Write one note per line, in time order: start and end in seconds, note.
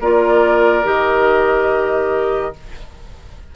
0.00 0.85 A#3
0.00 0.84 F4
0.00 2.54 A#4
0.00 0.87 D5
0.84 2.54 D#3
0.84 2.53 G4
0.84 2.56 D#5